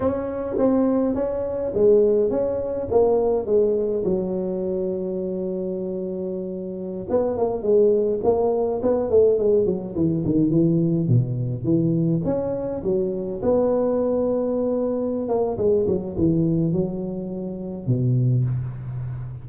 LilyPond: \new Staff \with { instrumentName = "tuba" } { \time 4/4 \tempo 4 = 104 cis'4 c'4 cis'4 gis4 | cis'4 ais4 gis4 fis4~ | fis1~ | fis16 b8 ais8 gis4 ais4 b8 a16~ |
a16 gis8 fis8 e8 dis8 e4 b,8.~ | b,16 e4 cis'4 fis4 b8.~ | b2~ b8 ais8 gis8 fis8 | e4 fis2 b,4 | }